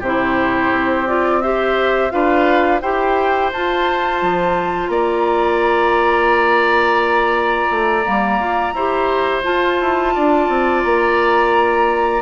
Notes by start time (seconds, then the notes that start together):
0.00 C3 G4 C5
0.06 E4
0.71 C4
1.07 F4 D5
1.41 G4 C5 E5
2.11 D4 F4 B4 F5
2.81 E4 G4 C5 G5
3.53 F4 A5
4.22 F3
4.88 A#3 D5 A#5
7.70 A3
8.04 G3 A#3
8.40 F4
8.74 E4 G4 C5
9.43 F4 A5
9.81 E4
10.15 D4 D5
10.49 C4
10.83 A#3 A#5